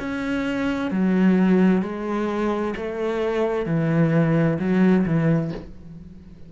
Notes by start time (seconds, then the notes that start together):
0.00 C#4
0.91 F#3
1.83 G#3
2.77 A3
3.66 E3
4.59 F#3
5.06 E3